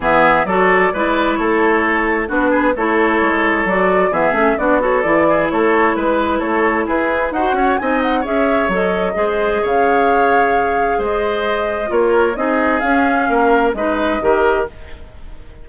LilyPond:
<<
  \new Staff \with { instrumentName = "flute" } { \time 4/4 \tempo 4 = 131 e''4 d''2 cis''4~ | cis''4 b'4 cis''2 | d''4 e''4 d''8 cis''8 d''4 | cis''4 b'4 cis''4 b'4 |
fis''4 gis''8 fis''8 e''4 dis''4~ | dis''4 f''2. | dis''2 cis''4 dis''4 | f''2 dis''2 | }
  \new Staff \with { instrumentName = "oboe" } { \time 4/4 gis'4 a'4 b'4 a'4~ | a'4 fis'8 gis'8 a'2~ | a'4 gis'4 fis'8 a'4 gis'8 | a'4 b'4 a'4 gis'4 |
c''8 cis''8 dis''4 cis''2 | c''4 cis''2. | c''2 ais'4 gis'4~ | gis'4 ais'4 b'4 ais'4 | }
  \new Staff \with { instrumentName = "clarinet" } { \time 4/4 b4 fis'4 e'2~ | e'4 d'4 e'2 | fis'4 b8 cis'8 d'8 fis'8 e'4~ | e'1 |
fis'4 dis'4 gis'4 a'4 | gis'1~ | gis'2 f'4 dis'4 | cis'2 dis'4 g'4 | }
  \new Staff \with { instrumentName = "bassoon" } { \time 4/4 e4 fis4 gis4 a4~ | a4 b4 a4 gis4 | fis4 e8 a8 b4 e4 | a4 gis4 a4 e'4 |
dis'8 cis'8 c'4 cis'4 fis4 | gis4 cis2. | gis2 ais4 c'4 | cis'4 ais4 gis4 dis4 | }
>>